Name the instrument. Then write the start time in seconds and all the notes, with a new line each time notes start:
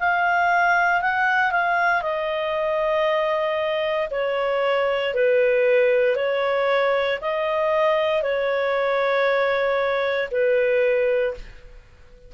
clarinet
0.00 F5
1.02 F#5
1.51 F5
2.02 D#5
4.11 C#5
5.14 B4
6.16 C#5
7.21 D#5
8.22 C#5
10.31 B4